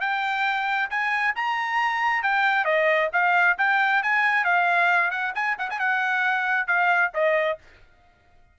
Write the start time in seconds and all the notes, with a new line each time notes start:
0.00 G5
0.90 G#5
1.35 A#5
2.22 G5
2.64 D#5
3.13 F5
3.58 G5
4.03 G#5
4.44 F5
5.10 F#5
5.35 G#5
5.58 F#5
5.70 G#5
5.79 F#5
6.67 F5
7.14 D#5